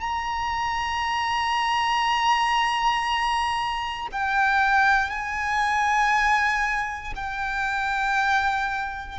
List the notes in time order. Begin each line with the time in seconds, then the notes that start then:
0.00 A#5
4.12 G5
5.09 G#5
7.15 G5